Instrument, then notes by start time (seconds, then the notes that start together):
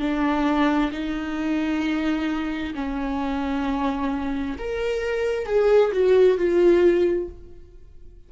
viola
0.00 D4
0.92 D#4
2.75 C#4
4.59 A#4
5.46 G#4
5.93 F#4
6.38 F4